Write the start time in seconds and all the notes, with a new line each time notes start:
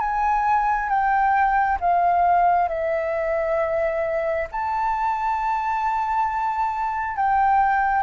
0.00 G#5
0.89 G5
1.80 F5
2.68 E5
4.51 A5
7.16 G5